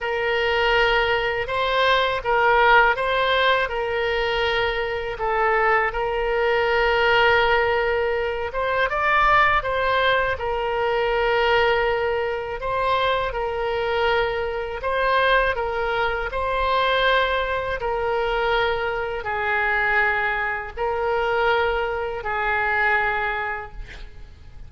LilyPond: \new Staff \with { instrumentName = "oboe" } { \time 4/4 \tempo 4 = 81 ais'2 c''4 ais'4 | c''4 ais'2 a'4 | ais'2.~ ais'8 c''8 | d''4 c''4 ais'2~ |
ais'4 c''4 ais'2 | c''4 ais'4 c''2 | ais'2 gis'2 | ais'2 gis'2 | }